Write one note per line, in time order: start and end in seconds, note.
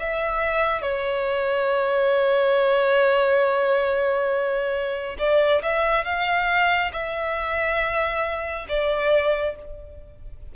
0.00 0.83 E5
0.83 5.17 C#5
5.19 5.62 D5
5.63 6.05 E5
6.05 6.92 F5
6.93 8.67 E5
8.69 9.56 D5